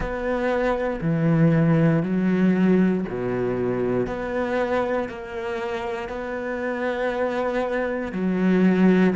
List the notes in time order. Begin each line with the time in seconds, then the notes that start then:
0.00 B3
1.01 E3
2.02 F#3
3.09 B2
4.07 B3
5.08 A#3
6.08 B3
8.12 F#3